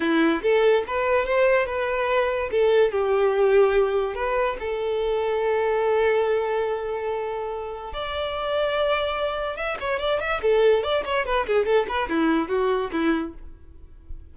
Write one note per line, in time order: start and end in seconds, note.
0.00 0.42 E4
0.42 0.84 A4
0.87 1.25 B4
1.25 1.66 C5
1.66 2.49 B4
2.51 2.91 A4
2.91 4.15 G4
4.15 4.56 B4
4.59 7.93 A4
7.93 9.56 D5
9.56 9.77 E5
9.80 9.99 C#5
9.99 10.20 D5
10.20 10.41 E5
10.42 10.83 A4
10.83 11.04 D5
11.05 11.25 C#5
11.25 11.46 B4
11.47 11.65 G#4
11.65 11.86 A4
11.88 12.09 B4
12.09 12.48 E4
12.48 12.90 F#4
12.91 13.33 E4